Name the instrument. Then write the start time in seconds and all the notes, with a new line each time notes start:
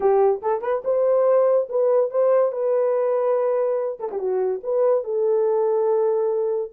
horn
0.00 G4
0.41 A4
0.61 B4
0.84 C5
1.69 B4
2.10 C5
2.52 B4
3.99 A4
4.11 G4
4.18 F#4
4.63 B4
5.04 A4